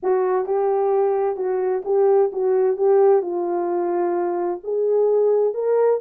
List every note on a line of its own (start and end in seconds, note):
0.02 0.45 F#4
0.45 1.36 G4
1.36 1.82 F#4
1.85 2.31 G4
2.32 2.76 F#4
2.76 3.22 G4
3.22 4.60 F4
4.63 5.54 G#4
5.54 6.00 A#4